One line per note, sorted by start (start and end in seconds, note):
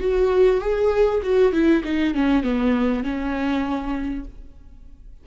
0.00 0.61 F#4
0.61 1.21 G#4
1.23 1.52 F#4
1.52 1.83 E4
1.84 2.14 D#4
2.14 2.43 C#4
2.43 3.03 B3
3.03 4.25 C#4